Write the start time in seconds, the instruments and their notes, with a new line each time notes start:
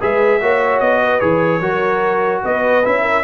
0.00 tuba G#3, trombone G#4, horn B4, trumpet E5
0.40 tuba A#3, trombone F#4, horn C#5
0.80 tuba B3, trumpet D#5
1.02 horn B4
1.20 tuba E3, trombone G#4, trumpet C#5
1.60 tuba F#3, trombone F#4, horn A#4
2.43 tuba B3, horn B4, trumpet D#5
2.84 tuba C#4, trombone E4, trumpet E5
3.02 horn A#4